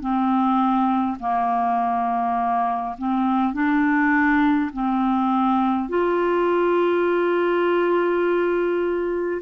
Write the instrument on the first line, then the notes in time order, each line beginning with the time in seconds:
clarinet
0.00 C4
1.20 A#3
2.98 C4
3.53 D4
4.73 C4
5.89 F4